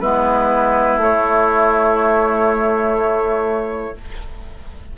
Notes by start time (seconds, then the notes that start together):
0.00 G#3 B3 E4 B4
0.97 A3 C#5